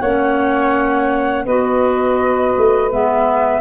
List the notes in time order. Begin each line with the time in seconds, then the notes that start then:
0.00 A#3 C#4 C#5 F#5
1.45 B3 F#4 B4 D#5
2.57 A3
2.91 G#3 B3 E5